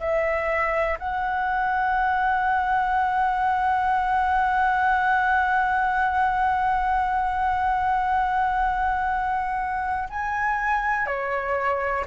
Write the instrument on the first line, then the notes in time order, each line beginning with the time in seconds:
flute
0.00 E5
0.99 F#5
10.10 G#5
11.07 C#5